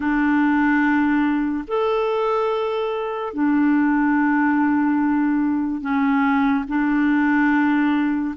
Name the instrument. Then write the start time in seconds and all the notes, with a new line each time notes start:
clarinet
0.00 D4
1.67 A4
3.33 D4
5.81 C#4
6.68 D4